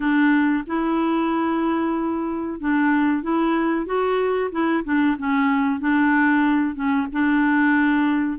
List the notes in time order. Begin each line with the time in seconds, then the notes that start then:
0.00 D4
0.66 E4
2.60 D4
3.22 E4
3.86 F#4
4.51 E4
4.84 D4
5.18 C#4
5.79 D4
6.75 C#4
7.12 D4